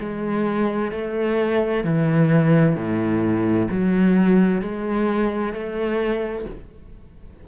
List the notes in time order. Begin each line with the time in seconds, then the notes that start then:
0.00 G#3
0.91 A3
1.84 E3
2.76 A2
3.71 F#3
4.62 G#3
5.53 A3